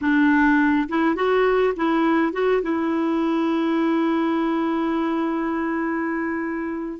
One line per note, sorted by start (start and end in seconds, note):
0.01 0.88 D4
0.88 1.15 E4
1.15 1.73 F#4
1.76 2.32 E4
2.32 2.62 F#4
2.62 6.99 E4